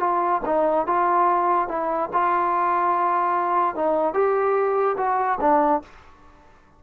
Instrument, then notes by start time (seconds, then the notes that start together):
trombone
0.00 F4
0.46 D#4
0.87 F4
1.68 E4
2.13 F4
3.75 D#4
4.14 G4
4.97 F#4
5.41 D4